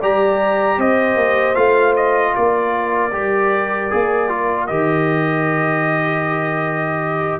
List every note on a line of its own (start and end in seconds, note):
0.00 0.78 G3
0.00 1.55 G4
0.00 0.78 D5
0.00 0.80 A#5
0.78 1.16 C4
0.78 2.32 C5
0.78 1.55 D#5
1.16 1.55 A#3
1.55 2.35 A3
1.55 3.11 F4
1.55 1.94 F5
1.96 2.35 D#5
2.32 3.12 A#3
2.32 7.39 A#4
2.32 4.67 D5
3.12 3.90 G3
3.12 3.90 G4
3.90 4.70 A#3
3.90 4.29 G#4
4.29 4.68 F4
4.67 7.40 D#3
4.67 7.40 G4
4.67 7.39 D#5